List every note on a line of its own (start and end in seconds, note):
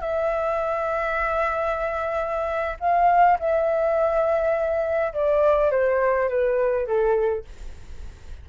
0.00 2.77 E5
2.80 3.38 F5
3.39 5.13 E5
5.13 5.70 D5
5.70 6.29 C5
6.29 6.86 B4
6.86 7.44 A4